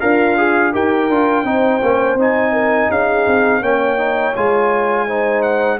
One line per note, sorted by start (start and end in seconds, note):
0.00 0.74 D4
0.00 0.72 F4
0.00 0.36 A#4
0.00 0.72 F5
0.37 0.73 G#4
0.72 1.09 D#4
0.72 1.09 G4
0.72 1.44 A#4
0.72 2.19 G5
1.09 1.44 D4
1.09 1.45 F4
1.44 1.80 C4
1.44 1.81 D#4
1.44 2.51 C5
1.82 2.14 A#3
1.82 2.18 C#4
2.14 2.86 C4
2.14 3.62 D#4
2.14 2.91 G#5
2.51 2.87 A#4
2.90 3.26 C#4
2.90 3.61 G#4
2.90 3.63 F5
3.26 3.61 C4
3.61 4.34 A#3
3.61 3.97 C#4
3.61 5.05 C#5
3.61 4.35 G5
3.97 4.33 D#4
4.35 5.79 G#3
4.35 5.08 F4
4.35 5.42 G#5
5.07 5.79 D#4
5.07 5.79 C5
5.42 5.78 F#5